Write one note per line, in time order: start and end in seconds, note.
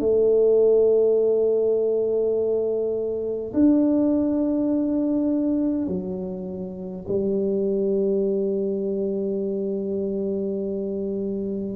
0.00 3.53 A3
3.53 5.88 D4
5.88 7.06 F#3
7.09 11.76 G3